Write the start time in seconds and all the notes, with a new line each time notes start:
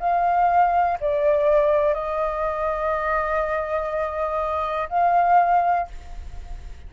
0.00 F5
1.01 D5
1.94 D#5
4.89 F5